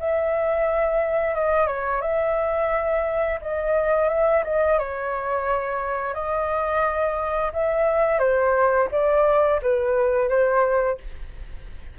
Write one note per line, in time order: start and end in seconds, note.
0.00 1.35 E5
1.35 1.68 D#5
1.68 2.02 C#5
2.02 3.40 E5
3.42 4.09 D#5
4.09 4.44 E5
4.45 4.79 D#5
4.79 6.14 C#5
6.14 7.52 D#5
7.53 8.19 E5
8.19 8.88 C5
8.92 9.61 D5
9.62 10.29 B4
10.29 10.98 C5